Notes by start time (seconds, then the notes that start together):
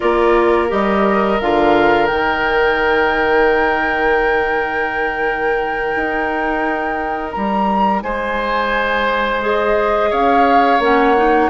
0.00 A#3 F4 A#4 D5
0.68 G3 G4 D#5
1.40 D3 F4 F5
2.07 D#3 D#4 G5
5.95 D#4
7.31 G3 A#5
8.02 G#3 C5 G#5
9.41 G#4 D#5
10.10 C#4 C#5 F5
10.79 A#3 C#4 F#5
11.16 D#4